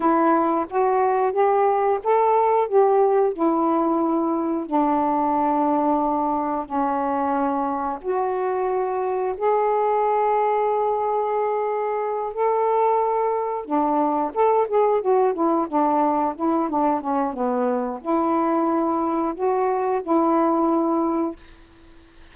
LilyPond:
\new Staff \with { instrumentName = "saxophone" } { \time 4/4 \tempo 4 = 90 e'4 fis'4 g'4 a'4 | g'4 e'2 d'4~ | d'2 cis'2 | fis'2 gis'2~ |
gis'2~ gis'8 a'4.~ | a'8 d'4 a'8 gis'8 fis'8 e'8 d'8~ | d'8 e'8 d'8 cis'8 b4 e'4~ | e'4 fis'4 e'2 | }